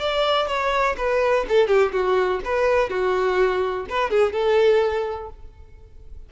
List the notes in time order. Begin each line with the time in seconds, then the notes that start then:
0.00 D5
0.48 C#5
0.97 B4
1.48 A4
1.68 G4
1.92 F#4
2.45 B4
2.90 F#4
3.89 B4
4.10 G#4
4.33 A4